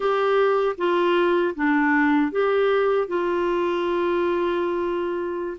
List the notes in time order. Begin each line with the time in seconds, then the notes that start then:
0.00 G4
0.77 F4
1.55 D4
2.31 G4
3.07 F4